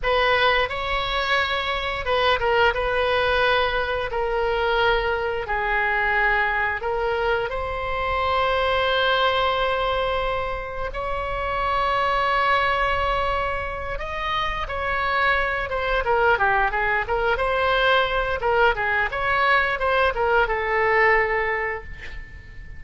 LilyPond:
\new Staff \with { instrumentName = "oboe" } { \time 4/4 \tempo 4 = 88 b'4 cis''2 b'8 ais'8 | b'2 ais'2 | gis'2 ais'4 c''4~ | c''1 |
cis''1~ | cis''8 dis''4 cis''4. c''8 ais'8 | g'8 gis'8 ais'8 c''4. ais'8 gis'8 | cis''4 c''8 ais'8 a'2 | }